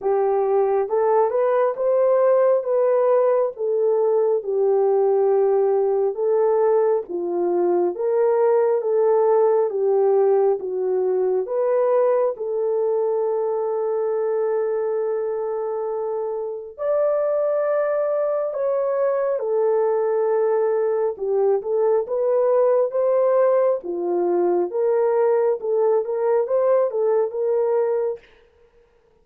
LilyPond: \new Staff \with { instrumentName = "horn" } { \time 4/4 \tempo 4 = 68 g'4 a'8 b'8 c''4 b'4 | a'4 g'2 a'4 | f'4 ais'4 a'4 g'4 | fis'4 b'4 a'2~ |
a'2. d''4~ | d''4 cis''4 a'2 | g'8 a'8 b'4 c''4 f'4 | ais'4 a'8 ais'8 c''8 a'8 ais'4 | }